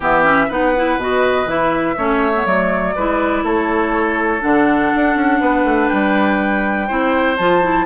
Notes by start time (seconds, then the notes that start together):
0.00 E3 B3 G4 E5
0.23 C#4
0.48 B3 D#4 B4 F#5
0.76 E4
0.97 B2 F#4 D#5
1.45 E3 E4 E5
1.97 A3 C#4 C#5
2.34 B3
2.45 F#3 A3 D5
2.95 G#3 E4 B4
3.43 A3 A4 C#5
4.40 D3 D4 F#5
4.95 D4
5.15 C#4
5.40 B3 B4
5.64 A3
5.88 G3 G5
6.87 C4 E4 C5
7.36 F3 F4 A5
7.62 E4